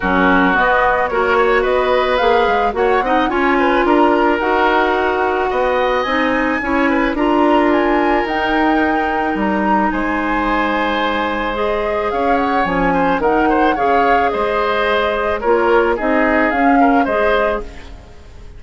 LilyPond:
<<
  \new Staff \with { instrumentName = "flute" } { \time 4/4 \tempo 4 = 109 ais'4 dis''4 cis''4 dis''4 | f''4 fis''4 gis''4 ais''4 | fis''2. gis''4~ | gis''4 ais''4 gis''4 g''4~ |
g''4 ais''4 gis''2~ | gis''4 dis''4 f''8 fis''8 gis''4 | fis''4 f''4 dis''2 | cis''4 dis''4 f''4 dis''4 | }
  \new Staff \with { instrumentName = "oboe" } { \time 4/4 fis'2 ais'8 cis''8 b'4~ | b'4 cis''8 dis''8 cis''8 b'8 ais'4~ | ais'2 dis''2 | cis''8 b'8 ais'2.~ |
ais'2 c''2~ | c''2 cis''4. c''8 | ais'8 c''8 cis''4 c''2 | ais'4 gis'4. ais'8 c''4 | }
  \new Staff \with { instrumentName = "clarinet" } { \time 4/4 cis'4 b4 fis'2 | gis'4 fis'8 dis'8 f'2 | fis'2. dis'4 | e'4 f'2 dis'4~ |
dis'1~ | dis'4 gis'2 cis'4 | dis'4 gis'2. | f'4 dis'4 cis'4 gis'4 | }
  \new Staff \with { instrumentName = "bassoon" } { \time 4/4 fis4 b4 ais4 b4 | ais8 gis8 ais8 c'8 cis'4 d'4 | dis'2 b4 c'4 | cis'4 d'2 dis'4~ |
dis'4 g4 gis2~ | gis2 cis'4 f4 | dis4 cis4 gis2 | ais4 c'4 cis'4 gis4 | }
>>